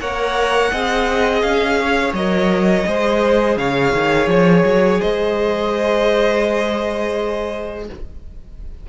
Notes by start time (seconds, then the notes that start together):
0.00 A#3 A#4 C#5 F#5
0.72 C4 G#4 D#5
1.42 C#4 F5
1.81 C#5
2.13 F#3 A#4 D#5
2.86 G#3 G#4 C5
3.57 C#3 C#5 F5
3.94 D#3
4.28 F3 C#5
4.65 F#3
5.01 G#3 C5 D#5